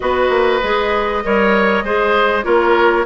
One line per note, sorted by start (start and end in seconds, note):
0.00 0.29 B3
0.00 0.61 F#4
0.00 1.23 B4
0.00 2.44 D#5
0.29 0.59 A#3
0.62 1.24 G#3
0.62 1.23 G#4
1.23 1.83 G3
1.23 1.84 A#4
1.23 1.84 C#5
1.83 2.44 G#3
1.83 2.43 G#4
1.83 2.44 C5
2.43 3.05 A#3
2.43 3.04 F4
2.43 3.05 A#4
2.43 3.05 C#5